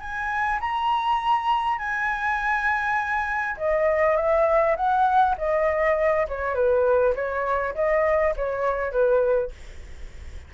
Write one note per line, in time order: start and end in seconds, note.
0.00 0.59 G#5
0.60 1.78 A#5
1.78 3.56 G#5
3.57 4.16 D#5
4.16 4.76 E5
4.76 5.36 F#5
5.38 6.27 D#5
6.28 6.55 C#5
6.55 7.14 B4
7.15 7.74 C#5
7.75 8.34 D#5
8.36 8.92 C#5
8.92 9.51 B4